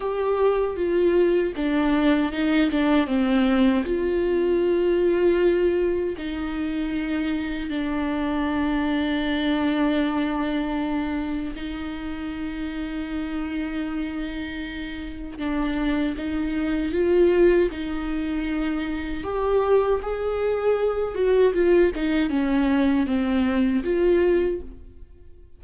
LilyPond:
\new Staff \with { instrumentName = "viola" } { \time 4/4 \tempo 4 = 78 g'4 f'4 d'4 dis'8 d'8 | c'4 f'2. | dis'2 d'2~ | d'2. dis'4~ |
dis'1 | d'4 dis'4 f'4 dis'4~ | dis'4 g'4 gis'4. fis'8 | f'8 dis'8 cis'4 c'4 f'4 | }